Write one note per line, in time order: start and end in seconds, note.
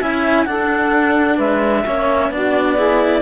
0.00 0.47 C#4
0.00 0.46 E4
0.00 0.46 E5
0.00 0.46 G#5
0.46 1.85 D4
0.46 1.39 D4
0.46 1.36 A4
0.46 1.38 F#5
1.36 1.85 G#3
1.36 1.82 B4
1.36 2.31 E5
1.86 2.30 A#3
1.86 2.31 C#4
1.86 2.32 C#5
2.30 3.22 B3
2.30 2.77 D4
2.30 2.76 F#4
2.30 3.22 D5
2.76 3.22 E4
2.76 3.22 G#4